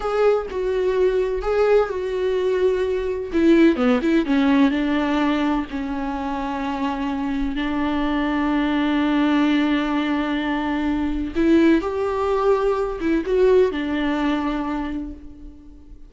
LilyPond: \new Staff \with { instrumentName = "viola" } { \time 4/4 \tempo 4 = 127 gis'4 fis'2 gis'4 | fis'2. e'4 | b8 e'8 cis'4 d'2 | cis'1 |
d'1~ | d'1 | e'4 g'2~ g'8 e'8 | fis'4 d'2. | }